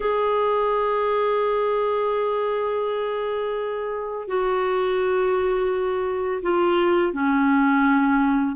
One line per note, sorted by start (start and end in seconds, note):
0.00 4.27 G#4
4.27 6.41 F#4
6.42 7.13 F4
7.13 8.55 C#4